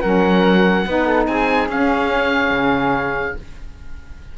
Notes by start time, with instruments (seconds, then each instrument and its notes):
0.00 cello F#3, saxophone C#4, flute A#4, oboe F#5
0.86 cello B3, saxophone D#4, flute B4
1.06 flute A4
1.27 cello C4, flute G#4, oboe G#5
1.68 cello C#4, saxophone C#4, oboe F5
2.50 cello C#3